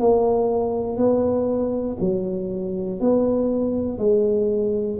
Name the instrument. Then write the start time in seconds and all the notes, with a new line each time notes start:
tuba
0.00 A#3
0.97 B3
2.00 F#3
3.00 B3
3.99 G#3